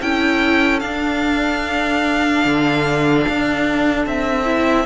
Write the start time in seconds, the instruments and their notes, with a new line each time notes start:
0.00 cello C#4, viola E4, violin A4 G5
0.80 viola D4, cello D4, violin F5
2.44 cello D3
3.28 cello D4
4.06 cello C4, violin E5
4.45 viola E4